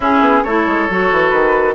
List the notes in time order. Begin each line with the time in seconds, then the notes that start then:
0.00 C#4 E4 G#4
0.20 B3
0.44 A3 E4 A4 C#5
0.66 G#3
0.89 F#3 F#4
1.11 E3
1.29 D#3 B4